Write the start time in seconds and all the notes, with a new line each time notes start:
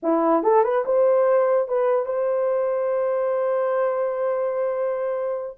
0.02 E4
0.43 A4
0.63 B4
0.85 C5
1.68 B4
2.05 C5